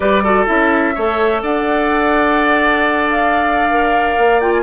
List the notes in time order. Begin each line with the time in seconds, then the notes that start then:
0.00 G3 G4 B4 D5
0.23 F#4 A4
0.46 C#4 E4 E5
0.95 A3 A4 C#5
1.42 D4 D5 F#5
3.10 F5
3.70 A#4
4.17 A#3
4.40 F4 G5
4.52 G#5